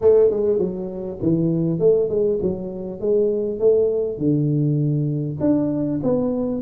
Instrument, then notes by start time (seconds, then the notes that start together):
tuba
0.01 A3
0.30 G#3
0.58 F#3
1.22 E3
1.79 A3
2.09 G#3
2.42 F#3
3.00 G#3
3.59 A3
4.18 D3
5.40 D4
6.03 B3